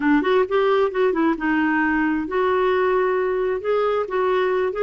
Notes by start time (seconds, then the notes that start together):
0.00 D4
0.22 F#4
0.48 G4
0.91 F#4
1.12 E4
1.37 D#4
2.27 F#4
3.60 G#4
4.07 F#4
4.72 G#4